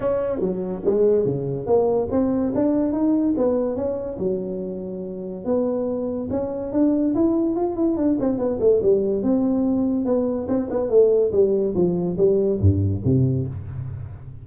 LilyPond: \new Staff \with { instrumentName = "tuba" } { \time 4/4 \tempo 4 = 143 cis'4 fis4 gis4 cis4 | ais4 c'4 d'4 dis'4 | b4 cis'4 fis2~ | fis4 b2 cis'4 |
d'4 e'4 f'8 e'8 d'8 c'8 | b8 a8 g4 c'2 | b4 c'8 b8 a4 g4 | f4 g4 g,4 c4 | }